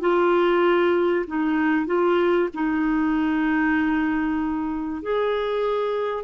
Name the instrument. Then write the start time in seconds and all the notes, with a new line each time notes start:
clarinet
0.00 F4
1.27 D#4
1.86 F4
2.53 D#4
5.02 G#4